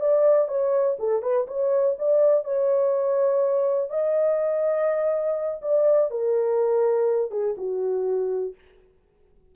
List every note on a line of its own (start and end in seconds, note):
0.00 0.48 D5
0.48 0.97 C#5
0.99 1.22 A4
1.22 1.47 B4
1.47 1.96 C#5
1.98 2.44 D5
2.44 3.90 C#5
3.90 5.61 D#5
5.62 6.10 D5
6.10 7.31 A#4
7.31 7.55 G#4
7.57 8.55 F#4